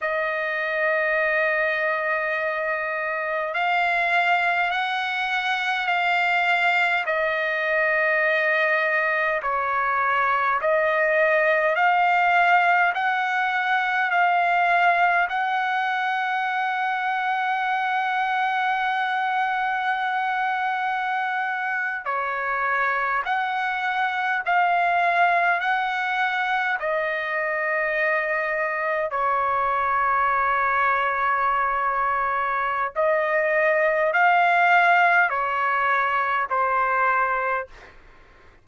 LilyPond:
\new Staff \with { instrumentName = "trumpet" } { \time 4/4 \tempo 4 = 51 dis''2. f''4 | fis''4 f''4 dis''2 | cis''4 dis''4 f''4 fis''4 | f''4 fis''2.~ |
fis''2~ fis''8. cis''4 fis''16~ | fis''8. f''4 fis''4 dis''4~ dis''16~ | dis''8. cis''2.~ cis''16 | dis''4 f''4 cis''4 c''4 | }